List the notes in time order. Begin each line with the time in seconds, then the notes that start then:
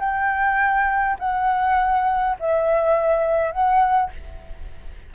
0.00 G5
1.20 F#5
2.40 E5
3.52 F#5